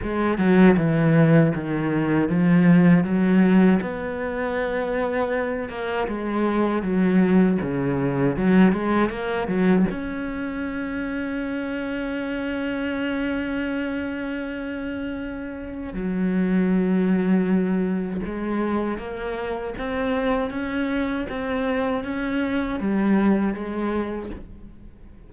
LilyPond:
\new Staff \with { instrumentName = "cello" } { \time 4/4 \tempo 4 = 79 gis8 fis8 e4 dis4 f4 | fis4 b2~ b8 ais8 | gis4 fis4 cis4 fis8 gis8 | ais8 fis8 cis'2.~ |
cis'1~ | cis'4 fis2. | gis4 ais4 c'4 cis'4 | c'4 cis'4 g4 gis4 | }